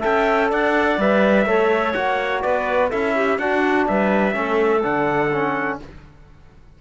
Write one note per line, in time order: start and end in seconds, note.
0.00 0.53 C#4
0.00 0.97 A4
0.00 0.48 E5
0.00 0.52 G5
0.50 0.98 D4
0.50 1.46 D5
0.50 1.01 F#5
0.98 1.46 G3
0.98 1.48 B4
0.98 1.94 E5
1.46 1.94 A3
1.46 1.96 A4
1.46 2.43 C#5
1.94 2.44 A#3
1.94 2.92 F#4
1.94 2.42 F#5
2.42 2.93 B3
2.42 2.90 B4
2.42 2.90 D5
2.90 3.39 C#4
2.90 3.39 E4
2.90 3.14 A4
2.90 3.39 E5
3.16 3.40 G4
3.39 4.32 D4
3.39 3.87 D4
3.39 3.88 F#4
3.39 3.87 F#5
3.88 4.36 G3
3.88 4.36 B4
3.88 4.84 E5
4.32 4.84 A3
4.32 4.80 C#4
4.32 5.80 A4
4.83 5.81 D3
4.83 5.31 D4
4.83 5.80 F#5
5.33 5.81 C#4